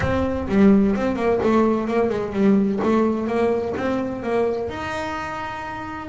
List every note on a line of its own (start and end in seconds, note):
0.00 0.47 C4
0.48 0.95 G3
0.95 1.15 C4
1.15 1.39 A#3
1.43 1.87 A3
1.87 2.09 A#3
2.09 2.32 G#3
2.32 2.79 G3
2.83 3.27 A3
3.27 3.74 A#3
3.76 4.23 C4
4.23 4.69 A#3
4.69 6.08 D#4